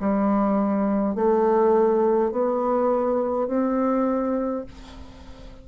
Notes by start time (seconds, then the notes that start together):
0.00 G3
1.16 A3
2.32 B3
3.48 C4